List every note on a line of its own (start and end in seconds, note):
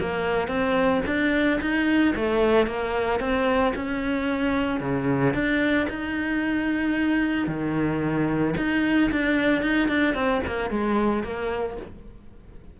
0.00 0.47 A#3
0.47 1.01 C4
1.06 1.60 D4
1.61 2.15 D#4
2.16 2.66 A3
2.66 3.20 A#3
3.20 3.73 C4
3.75 4.80 C#4
4.80 5.34 C#3
5.34 5.87 D4
5.89 7.47 D#4
7.47 8.54 D#3
8.57 9.10 D#4
9.11 9.62 D4
9.62 9.88 D#4
9.88 10.14 D4
10.14 10.41 C4
10.46 10.70 A#3
10.70 11.23 G#3
11.23 11.77 A#3